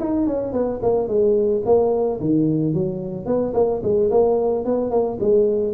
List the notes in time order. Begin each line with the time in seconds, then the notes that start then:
0.00 D#4
0.27 C#4
0.53 B3
0.82 A#3
1.08 G#3
1.66 A#3
2.20 D#3
2.74 F#3
3.26 B3
3.54 A#3
3.83 G#3
4.11 A#3
4.65 B3
4.91 A#3
5.20 G#3